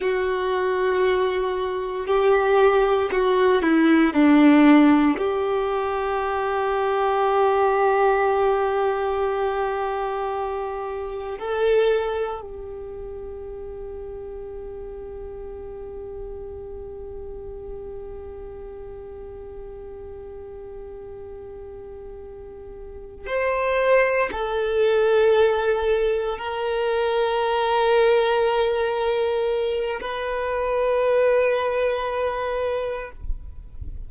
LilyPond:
\new Staff \with { instrumentName = "violin" } { \time 4/4 \tempo 4 = 58 fis'2 g'4 fis'8 e'8 | d'4 g'2.~ | g'2. a'4 | g'1~ |
g'1~ | g'2~ g'8 c''4 a'8~ | a'4. ais'2~ ais'8~ | ais'4 b'2. | }